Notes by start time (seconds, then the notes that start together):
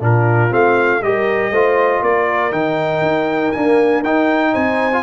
0.00 A#2 D4 F4 A#4
0.49 A3 C4 F5
1.02 G3 G4 A#4 D#5
1.50 A3 F4 C5
2.02 A#3 A#4 D5
2.52 D#3 D#4 G5
3.02 D#4
3.51 A#3 D4 G#5
4.03 D#4 G5
4.52 C4 C5 G#5
4.92 F4